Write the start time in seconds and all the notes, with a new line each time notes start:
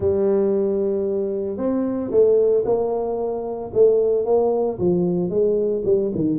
0.00 G3
1.57 C4
2.10 A3
2.65 A#3
3.73 A3
4.25 A#3
4.78 F3
5.29 G#3
5.85 G3
6.14 D#3